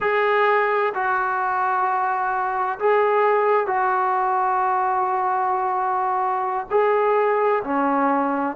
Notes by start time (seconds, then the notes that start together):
0.00 G#4
0.94 F#4
2.79 G#4
3.66 F#4
6.70 G#4
7.64 C#4